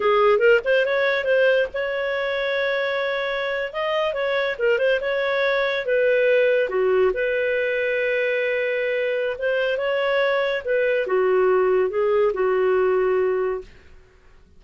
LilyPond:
\new Staff \with { instrumentName = "clarinet" } { \time 4/4 \tempo 4 = 141 gis'4 ais'8 c''8 cis''4 c''4 | cis''1~ | cis''8. dis''4 cis''4 ais'8 c''8 cis''16~ | cis''4.~ cis''16 b'2 fis'16~ |
fis'8. b'2.~ b'16~ | b'2 c''4 cis''4~ | cis''4 b'4 fis'2 | gis'4 fis'2. | }